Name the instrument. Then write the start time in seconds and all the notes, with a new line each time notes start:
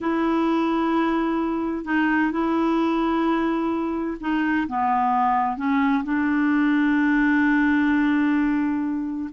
clarinet
0.00 E4
1.85 D#4
2.31 E4
4.20 D#4
4.67 B3
5.56 C#4
6.03 D4